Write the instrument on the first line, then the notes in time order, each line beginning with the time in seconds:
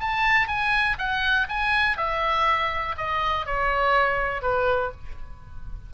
oboe
0.00 A5
0.48 G#5
0.98 F#5
1.49 G#5
1.97 E5
2.98 D#5
3.46 C#5
4.42 B4